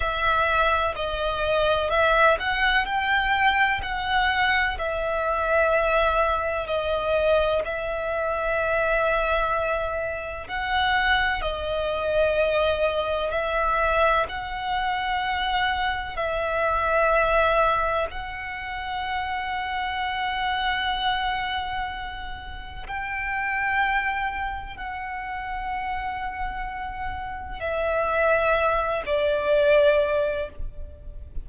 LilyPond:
\new Staff \with { instrumentName = "violin" } { \time 4/4 \tempo 4 = 63 e''4 dis''4 e''8 fis''8 g''4 | fis''4 e''2 dis''4 | e''2. fis''4 | dis''2 e''4 fis''4~ |
fis''4 e''2 fis''4~ | fis''1 | g''2 fis''2~ | fis''4 e''4. d''4. | }